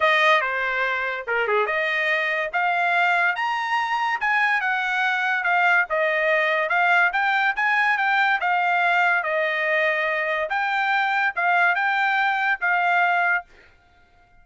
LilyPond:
\new Staff \with { instrumentName = "trumpet" } { \time 4/4 \tempo 4 = 143 dis''4 c''2 ais'8 gis'8 | dis''2 f''2 | ais''2 gis''4 fis''4~ | fis''4 f''4 dis''2 |
f''4 g''4 gis''4 g''4 | f''2 dis''2~ | dis''4 g''2 f''4 | g''2 f''2 | }